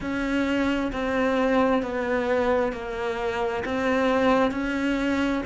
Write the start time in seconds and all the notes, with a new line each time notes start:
0.00 C#4
0.92 C4
1.82 B3
2.72 A#3
3.64 C4
4.51 C#4